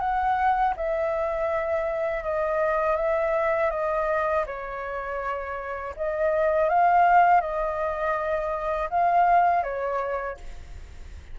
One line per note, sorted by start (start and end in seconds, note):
0.00 0.74 F#5
0.76 2.24 E5
2.24 2.96 D#5
2.96 3.70 E5
3.70 4.44 D#5
4.46 5.94 C#5
5.96 6.69 D#5
6.69 7.41 F5
7.41 8.89 D#5
8.90 9.63 F5
9.63 10.37 C#5